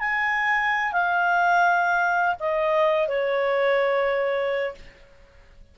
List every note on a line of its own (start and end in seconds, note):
0.00 0.93 G#5
0.93 2.36 F5
2.40 3.08 D#5
3.08 4.75 C#5